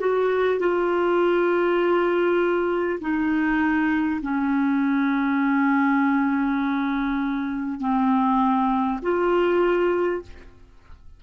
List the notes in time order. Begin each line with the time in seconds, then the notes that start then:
0.00 F#4
0.59 F4
3.01 D#4
4.22 C#4
7.80 C4
9.02 F4